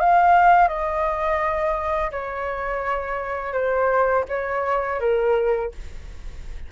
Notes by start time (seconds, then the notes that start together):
0.00 F5
0.68 D#5
2.11 C#5
3.53 C5
4.29 C#5
5.00 A#4